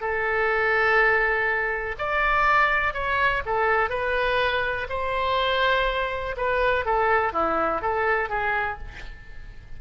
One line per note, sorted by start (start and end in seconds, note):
0.00 1.95 A4
1.98 2.93 D5
2.93 3.42 C#5
3.45 3.89 A4
3.89 4.87 B4
4.89 6.35 C5
6.36 6.85 B4
6.85 7.32 A4
7.32 7.81 E4
7.81 8.29 A4
8.29 8.78 G#4